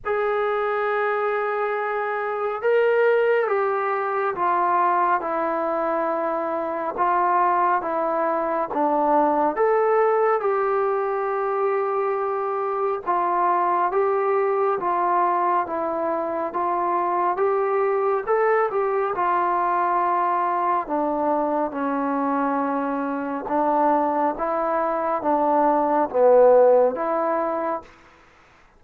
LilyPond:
\new Staff \with { instrumentName = "trombone" } { \time 4/4 \tempo 4 = 69 gis'2. ais'4 | g'4 f'4 e'2 | f'4 e'4 d'4 a'4 | g'2. f'4 |
g'4 f'4 e'4 f'4 | g'4 a'8 g'8 f'2 | d'4 cis'2 d'4 | e'4 d'4 b4 e'4 | }